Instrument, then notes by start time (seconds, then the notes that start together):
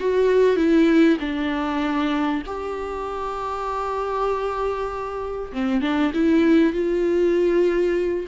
viola
0.00 F#4
0.56 E4
1.20 D4
2.46 G4
5.53 C4
5.82 D4
6.14 E4
6.73 F4